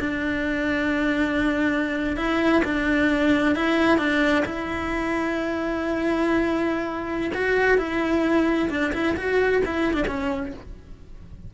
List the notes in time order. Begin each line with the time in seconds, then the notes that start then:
0.00 D4
2.17 E4
2.65 D4
3.56 E4
3.98 D4
4.46 E4
7.34 F#4
7.78 E4
8.70 D4
8.93 E4
9.17 F#4
9.65 E4
9.94 D4
10.08 C#4